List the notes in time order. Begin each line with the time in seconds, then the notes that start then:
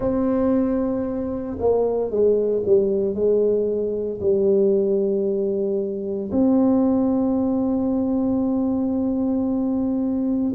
0.00 C4
1.59 A#3
2.10 G#3
2.65 G3
3.14 G#3
4.20 G3
6.32 C4